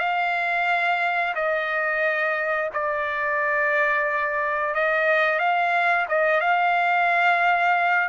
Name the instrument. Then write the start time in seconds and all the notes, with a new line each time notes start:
trumpet
0.00 F5
1.35 D#5
2.74 D5
4.75 D#5
5.39 F5
6.09 D#5
6.41 F5